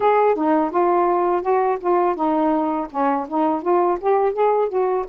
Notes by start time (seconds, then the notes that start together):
0.00 G#4
0.35 D#4
0.70 F4
1.42 F#4
1.80 F4
2.15 D#4
2.90 C#4
3.28 D#4
3.62 F4
4.00 G4
4.32 G#4
4.69 F#4